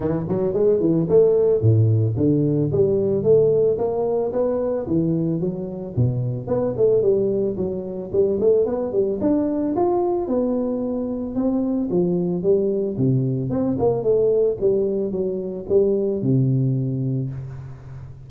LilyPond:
\new Staff \with { instrumentName = "tuba" } { \time 4/4 \tempo 4 = 111 e8 fis8 gis8 e8 a4 a,4 | d4 g4 a4 ais4 | b4 e4 fis4 b,4 | b8 a8 g4 fis4 g8 a8 |
b8 g8 d'4 f'4 b4~ | b4 c'4 f4 g4 | c4 c'8 ais8 a4 g4 | fis4 g4 c2 | }